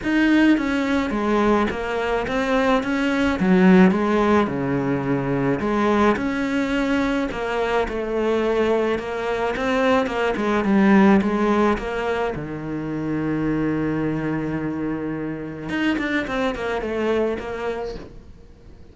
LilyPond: \new Staff \with { instrumentName = "cello" } { \time 4/4 \tempo 4 = 107 dis'4 cis'4 gis4 ais4 | c'4 cis'4 fis4 gis4 | cis2 gis4 cis'4~ | cis'4 ais4 a2 |
ais4 c'4 ais8 gis8 g4 | gis4 ais4 dis2~ | dis1 | dis'8 d'8 c'8 ais8 a4 ais4 | }